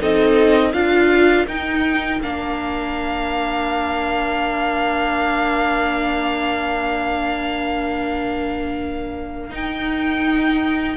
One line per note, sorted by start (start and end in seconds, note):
0.00 0.73 C4
0.00 0.73 D#4
0.00 0.73 A4
0.00 0.73 D#5
0.73 1.46 D4
0.73 1.46 F4
0.73 10.97 A#4
0.73 1.46 F5
1.47 2.21 D#4
1.47 2.21 G5
2.22 9.52 A#3
2.22 9.50 D4
2.22 9.54 F5
9.50 10.96 D#4
9.50 10.97 D#4
9.50 10.97 G5